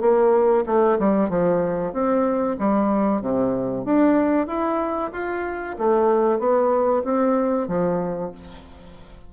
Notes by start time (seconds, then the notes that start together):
0.00 A#3
0.66 A3
0.99 G3
1.29 F3
1.92 C4
2.58 G3
3.21 C3
3.85 D4
4.47 E4
5.12 F4
5.78 A3
6.39 B3
7.04 C4
7.67 F3